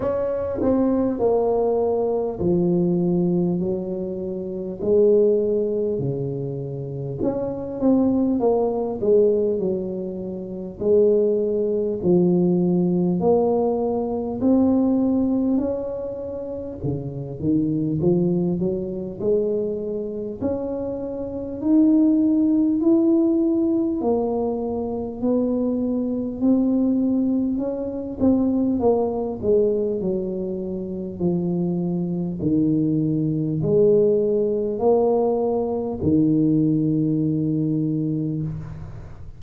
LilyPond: \new Staff \with { instrumentName = "tuba" } { \time 4/4 \tempo 4 = 50 cis'8 c'8 ais4 f4 fis4 | gis4 cis4 cis'8 c'8 ais8 gis8 | fis4 gis4 f4 ais4 | c'4 cis'4 cis8 dis8 f8 fis8 |
gis4 cis'4 dis'4 e'4 | ais4 b4 c'4 cis'8 c'8 | ais8 gis8 fis4 f4 dis4 | gis4 ais4 dis2 | }